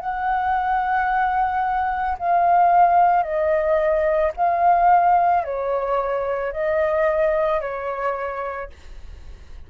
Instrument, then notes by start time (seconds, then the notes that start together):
flute
0.00 F#5
2.19 F5
3.23 D#5
4.37 F5
5.44 C#5
6.53 D#5
7.61 C#5